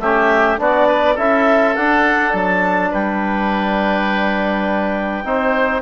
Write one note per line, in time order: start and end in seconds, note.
0.00 0.58 A3
0.00 0.58 C#4
0.00 0.60 G4
0.00 0.58 E5
0.58 1.17 B3
0.58 1.17 D4
0.58 0.88 F#4
0.58 1.18 D5
0.88 1.15 B4
1.15 1.76 C#4
1.15 1.76 E4
1.15 2.89 A4
1.15 1.76 E5
1.76 2.34 D4
1.76 5.25 D4
1.76 2.34 F#5
2.34 2.92 F#3
2.34 2.92 A5
2.91 5.24 G3
2.91 5.24 B4
2.91 5.82 G5
5.24 5.82 C4
5.24 5.82 D#4
5.24 5.82 C5